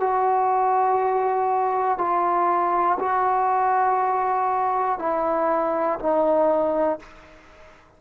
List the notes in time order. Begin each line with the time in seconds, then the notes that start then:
0.00 F#4
1.98 F4
2.99 F#4
4.99 E4
5.99 D#4